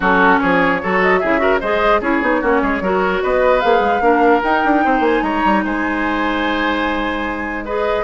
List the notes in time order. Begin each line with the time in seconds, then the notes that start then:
0.00 F#3 C#4 F#4 A4
0.39 F3 G#4 C#5
0.82 F#3 F#4 A4
1.02 D#5
1.18 C#3 E4 G#4 E5
1.38 F#4 A#4
1.60 G#3 G#4 C5 D#5
2.00 C#4 E4 G#4 C#5
2.21 B3 D#4
2.41 A#3 C#4 F#4
2.62 G#3 G#4
2.80 F#3 F#4 A#4
3.22 B3 B4 D#5
3.60 A#3 G#4 F5
3.80 G#3
4.00 A#3 D4 A#4
4.43 D#4 G5
4.65 D4
4.84 C4 C5
5.00 A#3 G#5
5.22 G#3 C#5 A#5
5.45 G3
5.64 G#3 C5 G#5
7.65 G#4 B4 D#5